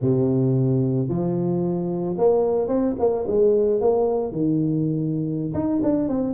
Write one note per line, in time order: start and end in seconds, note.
0.01 1.08 C3
1.08 2.16 F3
2.17 2.68 A#3
2.68 2.95 C4
2.99 3.26 A#3
3.27 3.81 G#3
3.81 4.31 A#3
4.31 5.53 D#3
5.54 5.81 D#4
5.83 6.08 D4
6.08 6.34 C4